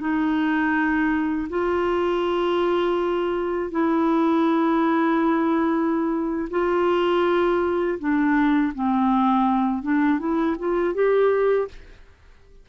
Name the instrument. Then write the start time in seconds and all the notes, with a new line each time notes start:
clarinet
0.00 D#4
1.49 F4
3.71 E4
6.50 F4
7.99 D4
8.74 C4
9.82 D4
10.19 E4
10.59 F4
10.94 G4